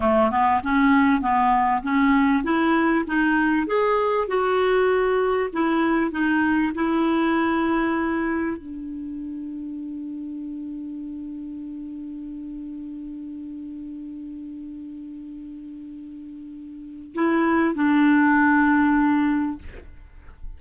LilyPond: \new Staff \with { instrumentName = "clarinet" } { \time 4/4 \tempo 4 = 98 a8 b8 cis'4 b4 cis'4 | e'4 dis'4 gis'4 fis'4~ | fis'4 e'4 dis'4 e'4~ | e'2 d'2~ |
d'1~ | d'1~ | d'1 | e'4 d'2. | }